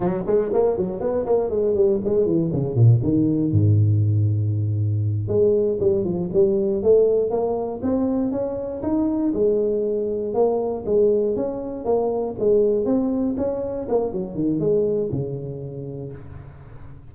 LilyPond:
\new Staff \with { instrumentName = "tuba" } { \time 4/4 \tempo 4 = 119 fis8 gis8 ais8 fis8 b8 ais8 gis8 g8 | gis8 e8 cis8 ais,8 dis4 gis,4~ | gis,2~ gis,8 gis4 g8 | f8 g4 a4 ais4 c'8~ |
c'8 cis'4 dis'4 gis4.~ | gis8 ais4 gis4 cis'4 ais8~ | ais8 gis4 c'4 cis'4 ais8 | fis8 dis8 gis4 cis2 | }